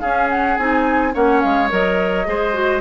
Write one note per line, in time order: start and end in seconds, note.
0.00 0.58 C#4
0.00 1.14 G#4
0.00 0.28 F5
0.30 0.57 F#5
0.57 1.15 C4
0.57 1.13 D#4
0.57 1.14 G#5
1.13 1.43 A#3
1.13 1.69 C#4
1.13 2.27 C#5
1.13 1.41 F#5
1.41 1.72 G#3
1.41 1.69 F5
1.69 2.27 F#3
1.69 2.26 A#4
1.69 2.81 D#5
2.26 2.81 G#3
2.26 2.54 G#4
2.26 2.81 C5
2.54 2.81 F#4